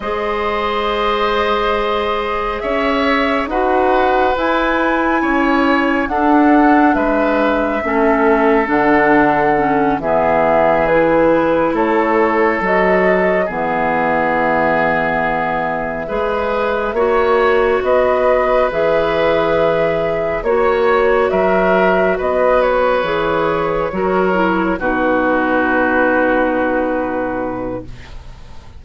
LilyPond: <<
  \new Staff \with { instrumentName = "flute" } { \time 4/4 \tempo 4 = 69 dis''2. e''4 | fis''4 gis''2 fis''4 | e''2 fis''4. e''8~ | e''8 b'4 cis''4 dis''4 e''8~ |
e''1~ | e''8 dis''4 e''2 cis''8~ | cis''8 e''4 dis''8 cis''2~ | cis''8 b'2.~ b'8 | }
  \new Staff \with { instrumentName = "oboe" } { \time 4/4 c''2. cis''4 | b'2 cis''4 a'4 | b'4 a'2~ a'8 gis'8~ | gis'4. a'2 gis'8~ |
gis'2~ gis'8 b'4 cis''8~ | cis''8 b'2. cis''8~ | cis''8 ais'4 b'2 ais'8~ | ais'8 fis'2.~ fis'8 | }
  \new Staff \with { instrumentName = "clarinet" } { \time 4/4 gis'1 | fis'4 e'2 d'4~ | d'4 cis'4 d'4 cis'8 b8~ | b8 e'2 fis'4 b8~ |
b2~ b8 gis'4 fis'8~ | fis'4. gis'2 fis'8~ | fis'2~ fis'8 gis'4 fis'8 | e'8 dis'2.~ dis'8 | }
  \new Staff \with { instrumentName = "bassoon" } { \time 4/4 gis2. cis'4 | dis'4 e'4 cis'4 d'4 | gis4 a4 d4. e8~ | e4. a4 fis4 e8~ |
e2~ e8 gis4 ais8~ | ais8 b4 e2 ais8~ | ais8 fis4 b4 e4 fis8~ | fis8 b,2.~ b,8 | }
>>